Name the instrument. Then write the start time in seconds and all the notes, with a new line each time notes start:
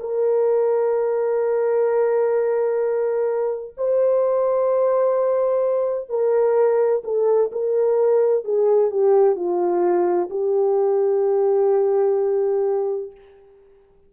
horn
0.00 A#4
3.78 C5
6.09 A#4
7.04 A4
7.52 A#4
8.44 G#4
8.91 G4
9.36 F4
10.30 G4